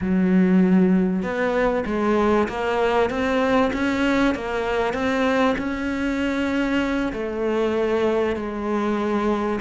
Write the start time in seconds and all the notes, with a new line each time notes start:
0.01 F#3
1.22 B3
1.86 G#3
2.48 A#3
3.10 C4
3.73 C#4
4.35 A#3
4.93 C4
5.58 C#4
7.12 A3
8.36 G#3